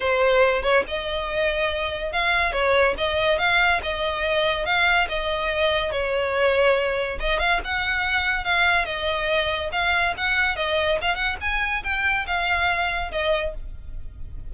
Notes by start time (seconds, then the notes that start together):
0.00 C5
0.62 C#5
0.87 D#5
2.12 F5
2.52 C#5
2.97 D#5
3.38 F5
3.82 D#5
4.65 F5
5.08 D#5
5.91 C#5
7.19 D#5
7.39 F5
7.64 F#5
8.44 F5
8.85 D#5
9.72 F5
10.17 F#5
10.56 D#5
11.01 F5
11.15 F#5
11.40 G#5
11.83 G5
12.27 F5
13.11 D#5